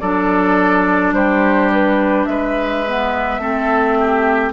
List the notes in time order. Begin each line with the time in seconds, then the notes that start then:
0.00 F#3 D4 A4 D5
1.12 G3 G4 C5
1.73 B4
2.25 G#3 B4 E5
2.86 B3
3.38 A3 C4 A4
4.00 G4